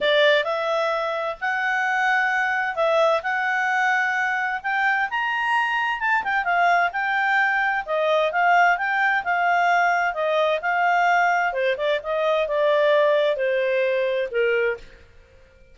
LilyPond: \new Staff \with { instrumentName = "clarinet" } { \time 4/4 \tempo 4 = 130 d''4 e''2 fis''4~ | fis''2 e''4 fis''4~ | fis''2 g''4 ais''4~ | ais''4 a''8 g''8 f''4 g''4~ |
g''4 dis''4 f''4 g''4 | f''2 dis''4 f''4~ | f''4 c''8 d''8 dis''4 d''4~ | d''4 c''2 ais'4 | }